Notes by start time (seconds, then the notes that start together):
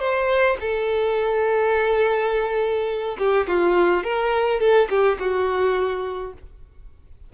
0.00 C5
0.61 A4
3.19 G4
3.48 F4
4.04 A#4
4.61 A4
4.90 G4
5.19 F#4